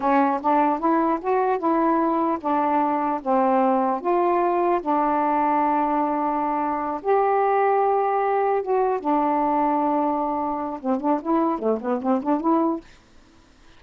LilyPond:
\new Staff \with { instrumentName = "saxophone" } { \time 4/4 \tempo 4 = 150 cis'4 d'4 e'4 fis'4 | e'2 d'2 | c'2 f'2 | d'1~ |
d'4. g'2~ g'8~ | g'4. fis'4 d'4.~ | d'2. c'8 d'8 | e'4 a8 b8 c'8 d'8 e'4 | }